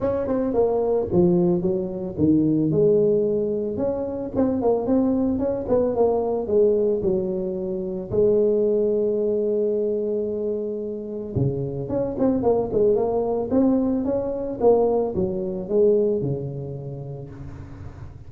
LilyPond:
\new Staff \with { instrumentName = "tuba" } { \time 4/4 \tempo 4 = 111 cis'8 c'8 ais4 f4 fis4 | dis4 gis2 cis'4 | c'8 ais8 c'4 cis'8 b8 ais4 | gis4 fis2 gis4~ |
gis1~ | gis4 cis4 cis'8 c'8 ais8 gis8 | ais4 c'4 cis'4 ais4 | fis4 gis4 cis2 | }